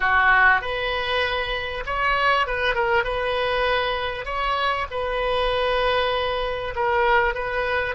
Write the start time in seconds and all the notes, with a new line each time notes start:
0.00 F#4
0.61 B4
1.86 C#5
2.46 B4
2.74 A#4
3.04 B4
4.25 C#5
4.90 B4
6.75 A#4
7.34 B4